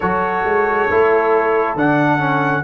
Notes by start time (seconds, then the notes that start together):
0.00 F#3 F#4 A4 C#5
0.44 G#3
0.89 A3 E4
1.75 D3 D4 F#5
2.18 C#4